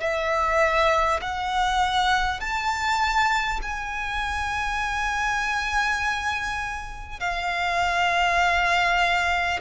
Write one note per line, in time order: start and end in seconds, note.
0.00 1.20 E5
1.21 2.40 F#5
2.40 3.60 A5
3.62 7.19 G#5
7.19 9.59 F5